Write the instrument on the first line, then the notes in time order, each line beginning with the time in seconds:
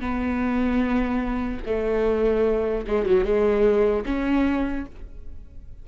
viola
0.00 B3
1.65 A3
2.87 G#3
3.05 F#3
3.24 G#3
4.05 C#4